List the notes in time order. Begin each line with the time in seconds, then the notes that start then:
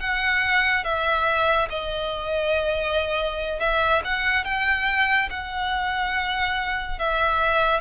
0.00 F#5
0.84 E5
1.70 D#5
3.60 E5
4.04 F#5
4.45 G5
5.30 F#5
6.99 E5